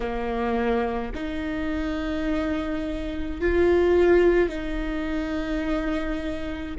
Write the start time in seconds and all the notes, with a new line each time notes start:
0.00 A#3
1.14 D#4
3.41 F4
4.49 D#4